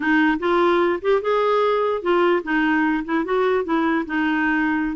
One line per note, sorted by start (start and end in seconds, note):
0.00 0.38 D#4
0.39 1.00 F4
1.01 1.21 G4
1.21 2.01 G#4
2.01 2.42 F4
2.43 3.04 D#4
3.04 3.25 E4
3.25 3.64 F#4
3.64 4.05 E4
4.06 4.96 D#4